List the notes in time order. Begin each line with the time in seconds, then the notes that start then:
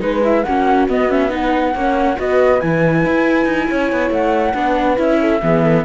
0.00 G#3 D#4 B4
0.24 E4 E5
0.44 A#3 C#4 F#4 F#5
0.88 B3 D#5
1.09 C#4 E5
1.30 D#4 B4 F#5
1.74 A#3 C#4 C#5
2.16 B3 F#4 B4 D#5
2.61 E3 E4 G#5
3.06 E4
3.46 D#4
3.68 C#4 C#5
3.92 B3
4.11 A3 F#5
4.54 B3 D4 B4
4.97 C#4 E4 E5
5.21 A4
5.43 E3 B3 G#4
5.63 A4